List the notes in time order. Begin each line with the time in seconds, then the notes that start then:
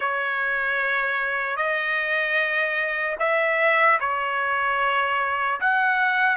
0.00 C#5
1.56 D#5
3.19 E5
4.00 C#5
5.60 F#5